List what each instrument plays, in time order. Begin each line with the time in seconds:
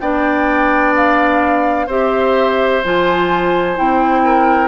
0.00 bassoon B3, clarinet D4, oboe D5, flute G5
0.96 flute F5
1.87 bassoon C4, clarinet G4, oboe C5, flute E5
2.85 bassoon F3, clarinet F4, flute G#5
3.76 bassoon C4, clarinet E4, flute G5
4.25 oboe A#4